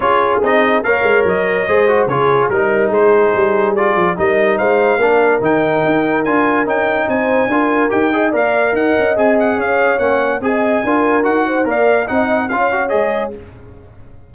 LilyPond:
<<
  \new Staff \with { instrumentName = "trumpet" } { \time 4/4 \tempo 4 = 144 cis''4 dis''4 f''4 dis''4~ | dis''4 cis''4 ais'4 c''4~ | c''4 d''4 dis''4 f''4~ | f''4 g''2 gis''4 |
g''4 gis''2 g''4 | f''4 fis''4 gis''8 fis''8 f''4 | fis''4 gis''2 fis''4 | f''4 fis''4 f''4 dis''4 | }
  \new Staff \with { instrumentName = "horn" } { \time 4/4 gis'2 cis''2 | c''4 gis'4 ais'4 gis'4~ | gis'2 ais'4 c''4 | ais'1~ |
ais'4 c''4 ais'4. dis''8 | d''4 dis''2 cis''4~ | cis''4 dis''4 ais'4. c''8 | d''4 dis''4 cis''2 | }
  \new Staff \with { instrumentName = "trombone" } { \time 4/4 f'4 dis'4 ais'2 | gis'8 fis'8 f'4 dis'2~ | dis'4 f'4 dis'2 | d'4 dis'2 f'4 |
dis'2 f'4 g'8 gis'8 | ais'2 gis'2 | cis'4 gis'4 f'4 fis'4 | ais'4 dis'4 f'8 fis'8 gis'4 | }
  \new Staff \with { instrumentName = "tuba" } { \time 4/4 cis'4 c'4 ais8 gis8 fis4 | gis4 cis4 g4 gis4 | g4. f8 g4 gis4 | ais4 dis4 dis'4 d'4 |
cis'4 c'4 d'4 dis'4 | ais4 dis'8 cis'8 c'4 cis'4 | ais4 c'4 d'4 dis'4 | ais4 c'4 cis'4 gis4 | }
>>